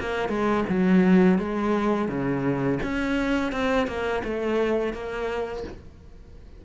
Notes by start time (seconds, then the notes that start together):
0.00 A#3
0.29 G#3
0.69 F#3
1.38 G#3
2.08 C#3
2.82 C#4
3.52 C4
3.87 A#3
4.24 A3
4.93 A#3